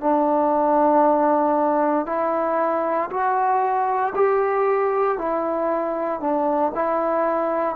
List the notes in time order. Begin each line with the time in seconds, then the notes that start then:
0.00 D4
2.06 E4
3.10 F#4
4.15 G4
5.18 E4
6.20 D4
6.75 E4